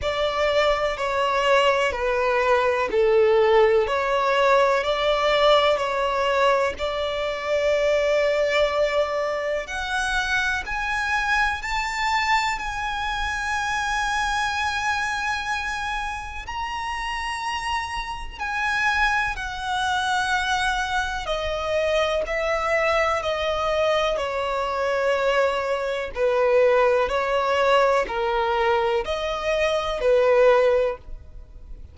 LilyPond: \new Staff \with { instrumentName = "violin" } { \time 4/4 \tempo 4 = 62 d''4 cis''4 b'4 a'4 | cis''4 d''4 cis''4 d''4~ | d''2 fis''4 gis''4 | a''4 gis''2.~ |
gis''4 ais''2 gis''4 | fis''2 dis''4 e''4 | dis''4 cis''2 b'4 | cis''4 ais'4 dis''4 b'4 | }